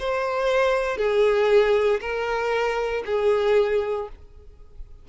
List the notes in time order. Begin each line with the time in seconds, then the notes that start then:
0.00 C5
0.98 G#4
2.01 A#4
3.06 G#4